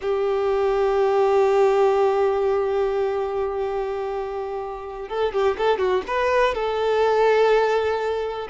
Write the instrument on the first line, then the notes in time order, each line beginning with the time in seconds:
violin
0.01 G4
5.08 A4
5.32 G4
5.57 A4
5.78 F#4
6.07 B4
6.54 A4